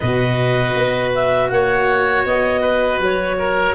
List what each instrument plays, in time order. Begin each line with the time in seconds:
0.00 tuba B2, cello F#4, oboe B4, clarinet D#5
0.75 tuba B3
1.14 clarinet E5
1.49 tuba A#3, oboe C#5, clarinet F#5
2.25 tuba B3, clarinet D#5
2.61 oboe B4
2.99 tuba F#3, clarinet C#5
3.38 oboe A#4